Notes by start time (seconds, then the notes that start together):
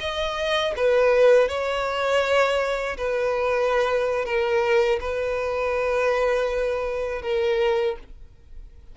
0.00 D#5
0.77 B4
1.49 C#5
2.98 B4
4.25 A#4
5.01 B4
7.22 A#4